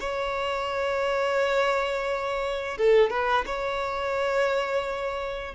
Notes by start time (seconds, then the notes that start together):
0.00 C#5
2.78 A4
3.10 B4
3.46 C#5